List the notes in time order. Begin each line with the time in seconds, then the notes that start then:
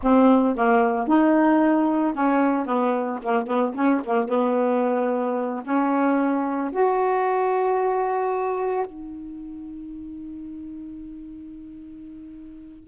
0.02 C4
0.56 A#3
1.07 D#4
2.14 C#4
2.66 B3
3.22 A#3
3.47 B3
3.74 C#4
4.04 A#3
4.28 B3
5.64 C#4
6.72 F#4
8.85 D#4